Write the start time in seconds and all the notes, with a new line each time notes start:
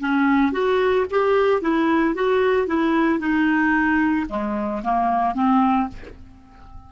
0.00 C#4
0.52 F#4
1.10 G4
1.61 E4
2.14 F#4
2.67 E4
3.19 D#4
4.29 G#3
4.83 A#3
5.34 C4